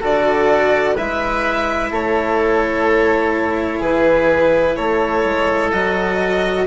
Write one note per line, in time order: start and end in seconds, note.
0.00 0.98 D3
0.00 0.96 F#4
0.00 0.95 A4
0.00 0.97 D5
0.95 1.91 G#3
0.95 5.72 E4
0.95 1.90 B4
0.95 1.92 E5
1.91 3.81 A3
1.91 3.79 A4
1.91 3.82 C#5
3.79 4.76 E3
3.79 4.75 G#4
3.79 4.76 B4
4.76 5.24 A3
4.76 6.67 A4
4.76 5.71 C#5
5.24 5.72 G#3
5.72 6.67 F#3
5.72 6.67 F#4
5.72 6.67 D#5